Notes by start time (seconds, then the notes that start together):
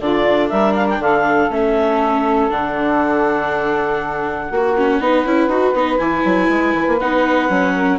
0.00 D3 D4 F4 D5
0.49 G3 A#4 E5
0.74 F5
0.89 G5
0.99 D3 A4 F5
1.50 A3 C#4 E5
2.50 D3 D4 F#5
4.47 A#3 F#4
4.55 F#4
4.76 C#4
4.99 B3 D#4 B4
5.25 C#4 E4
5.47 D#4 F#4
5.73 B3 D#4
5.98 E3 E4 G#5
6.24 F#3
6.49 G#3
6.74 E3
6.88 A#3
6.99 B3 D#4 F#5
7.49 F#3 C#4
7.74 A#4